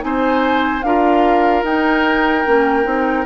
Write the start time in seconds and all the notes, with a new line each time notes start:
0.00 C4 D#4 C5 G#5
0.83 D4 F4 A#4 F5
1.63 D#4 G5
2.46 A#3 C#4
2.84 C4 D#4